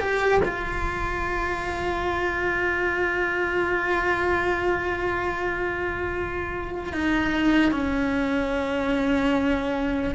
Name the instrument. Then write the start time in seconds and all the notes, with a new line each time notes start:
cello
0.00 G4
0.44 F4
6.93 D#4
7.71 C#4